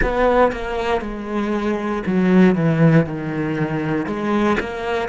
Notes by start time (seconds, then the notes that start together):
0.02 B3
0.51 A#3
1.01 G#3
2.06 F#3
2.55 E3
3.06 D#3
4.05 G#3
4.59 A#3